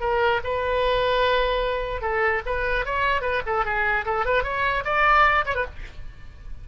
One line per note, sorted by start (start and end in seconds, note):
0.00 0.40 A#4
0.43 2.01 B4
2.01 2.42 A4
2.45 2.85 B4
2.85 3.21 C#5
3.21 3.41 B4
3.46 3.65 A4
3.65 4.05 G#4
4.05 4.25 A4
4.25 4.43 B4
4.43 4.84 C#5
4.84 5.45 D5
5.45 5.55 C#5
5.55 5.65 B4